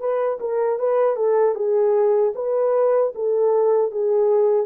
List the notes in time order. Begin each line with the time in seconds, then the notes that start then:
0.00 B4
0.41 A#4
0.79 B4
1.17 A4
1.56 G#4
2.36 B4
3.16 A4
3.92 G#4